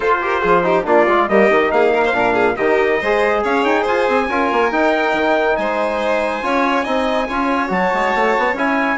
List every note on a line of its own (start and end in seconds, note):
0.00 0.21 F4
0.00 0.44 F4
0.00 0.18 A4
0.00 0.85 C5
0.21 0.42 G4
0.21 0.41 A#4
0.41 0.85 F3
0.41 0.63 F4
0.41 0.63 G#4
0.63 0.84 D#4
0.63 0.86 G4
0.84 1.07 A#3
0.84 1.06 D4
0.84 1.29 F4
0.84 1.28 D5
1.08 1.28 G#3
1.08 1.28 F4
1.28 1.50 G3
1.28 1.50 A#3
1.28 1.72 G4
1.28 1.71 D#5
1.50 1.71 D#3
1.50 2.12 D#4
1.71 2.14 A#3
1.71 1.93 G#4
1.71 2.56 F5
1.93 2.04 A#4
2.04 2.15 C5
2.12 2.56 A#2
2.12 2.55 D4
2.12 2.34 A#4
2.34 2.55 G#4
2.56 3.01 D#3
2.56 3.04 D#4
2.56 2.99 G4
2.56 3.42 D#5
3.00 3.44 G#3
3.00 4.29 G#4
3.00 3.43 C5
3.43 3.64 C#4
3.43 3.82 C#5
3.43 3.64 F5
3.64 3.86 D#4
3.64 3.85 G5
3.82 4.08 F4
3.82 4.25 C5
3.82 4.72 G#5
4.08 4.28 C4
4.28 4.50 C#4
4.28 4.72 F4
4.28 5.57 A#4
4.52 4.71 A#3
4.71 5.13 D#4
4.71 6.42 D#4
4.71 5.56 G5
5.13 5.56 D#3
5.56 6.42 G#3
5.56 6.44 C5
5.56 7.70 G#5
6.42 6.85 C#4
6.42 6.85 F4
6.42 6.84 C#5
6.84 7.29 C4
6.84 7.28 D#4
6.84 7.27 D#5
7.28 7.70 C#4
7.28 7.67 F4
7.28 8.97 C#5
7.67 7.91 F#3
7.67 8.53 F#4
7.67 8.57 A5
7.93 8.14 G#3
8.14 8.36 A3
8.38 8.53 B3
8.53 8.96 C#4
8.53 8.97 E4
8.53 8.97 G#5